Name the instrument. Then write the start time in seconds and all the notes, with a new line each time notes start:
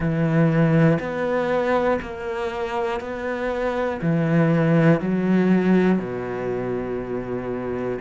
cello
0.00 E3
1.00 B3
2.01 A#3
3.00 B3
4.01 E3
5.00 F#3
5.98 B2